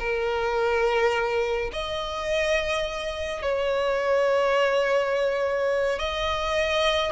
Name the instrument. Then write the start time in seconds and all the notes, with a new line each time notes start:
violin
0.00 A#4
1.73 D#5
3.43 C#5
5.99 D#5